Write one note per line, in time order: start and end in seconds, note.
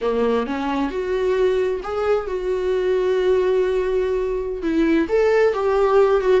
0.01 0.46 A#3
0.46 0.90 C#4
0.90 1.80 F#4
1.83 2.27 G#4
2.27 4.62 F#4
4.62 5.07 E4
5.08 5.53 A4
5.53 6.20 G4
6.20 6.40 F#4